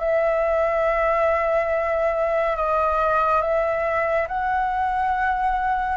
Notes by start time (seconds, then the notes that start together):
0.00 E5
2.56 D#5
3.42 E5
4.28 F#5